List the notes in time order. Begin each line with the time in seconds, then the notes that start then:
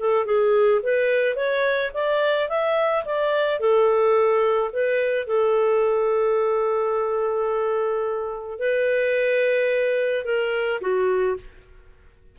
0.00 A4
0.26 G#4
0.83 B4
1.36 C#5
1.94 D5
2.49 E5
3.06 D5
3.60 A4
4.73 B4
5.28 A4
8.60 B4
10.25 A#4
10.82 F#4